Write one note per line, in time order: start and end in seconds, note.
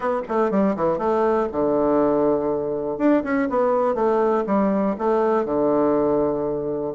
0.00 0.21 B3
0.28 0.50 A3
0.50 0.75 G3
0.76 0.98 E3
0.98 1.48 A3
1.52 2.98 D3
2.98 3.23 D4
3.23 3.48 C#4
3.49 3.94 B3
3.94 4.44 A3
4.46 4.96 G3
4.98 5.45 A3
5.45 6.93 D3